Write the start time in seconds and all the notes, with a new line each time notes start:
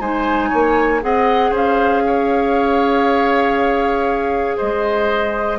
0.00 G#3 D#4 C5 G#5
0.50 A#3 C#5
1.01 C4 G#4 D#5 F#5
1.51 C#4 C5 F5
2.07 C#5
4.57 G#3 C5 D#5